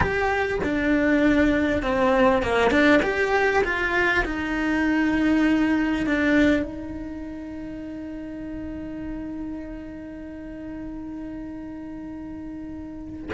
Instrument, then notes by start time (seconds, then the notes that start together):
cello
0.00 G4
0.63 D4
1.82 C4
2.42 A#3
2.70 D4
3.02 G4
3.64 F4
4.25 D#4
6.06 D4
6.62 D#4